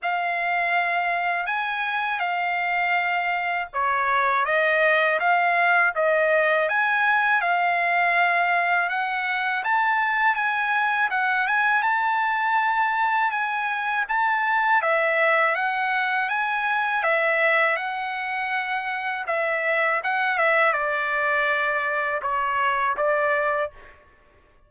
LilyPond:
\new Staff \with { instrumentName = "trumpet" } { \time 4/4 \tempo 4 = 81 f''2 gis''4 f''4~ | f''4 cis''4 dis''4 f''4 | dis''4 gis''4 f''2 | fis''4 a''4 gis''4 fis''8 gis''8 |
a''2 gis''4 a''4 | e''4 fis''4 gis''4 e''4 | fis''2 e''4 fis''8 e''8 | d''2 cis''4 d''4 | }